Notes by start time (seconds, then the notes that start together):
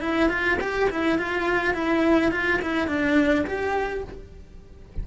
0.00 E4
0.29 F4
0.61 G4
0.90 E4
1.18 F4
1.74 E4
2.31 F4
2.62 E4
2.87 D4
3.46 G4